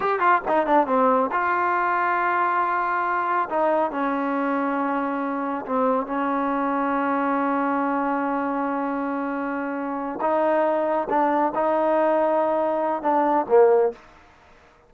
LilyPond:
\new Staff \with { instrumentName = "trombone" } { \time 4/4 \tempo 4 = 138 g'8 f'8 dis'8 d'8 c'4 f'4~ | f'1 | dis'4 cis'2.~ | cis'4 c'4 cis'2~ |
cis'1~ | cis'2.~ cis'8 dis'8~ | dis'4. d'4 dis'4.~ | dis'2 d'4 ais4 | }